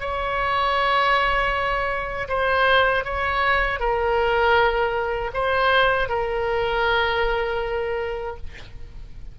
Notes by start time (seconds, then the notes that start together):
0.00 C#5
2.29 C5
3.04 C#5
3.79 A#4
5.34 C5
6.09 A#4